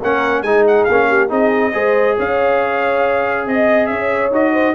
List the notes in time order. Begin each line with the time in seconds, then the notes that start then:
0.00 A#3 C#4 A#4 F#5
0.42 G#3 D#4 G#4 G#5
0.67 F#5
0.84 A#3 F5
0.91 C#4
1.08 G4
1.28 C4 D#4 G#4 D#5
1.73 G#3 G#4 C5
2.15 C#4 C#5 F5
3.46 C4 D#5
3.86 C#4 C#5 E5
4.31 D#4 F#4 D#5
4.52 C5